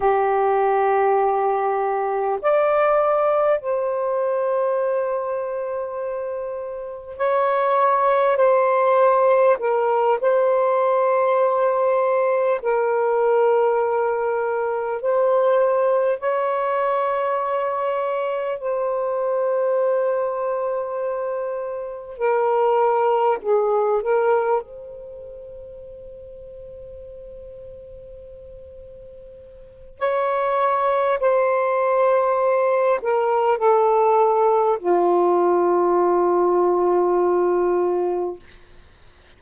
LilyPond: \new Staff \with { instrumentName = "saxophone" } { \time 4/4 \tempo 4 = 50 g'2 d''4 c''4~ | c''2 cis''4 c''4 | ais'8 c''2 ais'4.~ | ais'8 c''4 cis''2 c''8~ |
c''2~ c''8 ais'4 gis'8 | ais'8 c''2.~ c''8~ | c''4 cis''4 c''4. ais'8 | a'4 f'2. | }